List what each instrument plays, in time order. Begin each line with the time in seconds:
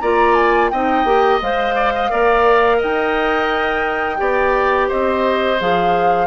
0.00 bassoon A#3, clarinet F4, oboe D5, flute A#5
0.35 flute G#5
0.70 bassoon C4, clarinet D#4, oboe D#5, flute G5
1.05 bassoon A#3, clarinet G4
1.42 bassoon G#3, clarinet C5, flute F5
1.76 oboe D5
1.95 oboe D#5
2.10 bassoon A#3, clarinet A#4, oboe D5
2.78 oboe D#5, flute G5
2.84 bassoon D#4
4.18 bassoon B3, clarinet G4, oboe D5
4.88 bassoon C4, oboe C5, flute D#5
5.60 bassoon F3, clarinet G#4, flute F5